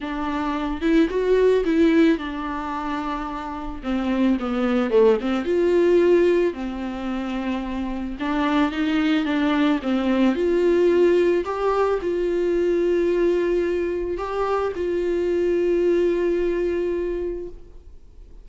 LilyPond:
\new Staff \with { instrumentName = "viola" } { \time 4/4 \tempo 4 = 110 d'4. e'8 fis'4 e'4 | d'2. c'4 | b4 a8 c'8 f'2 | c'2. d'4 |
dis'4 d'4 c'4 f'4~ | f'4 g'4 f'2~ | f'2 g'4 f'4~ | f'1 | }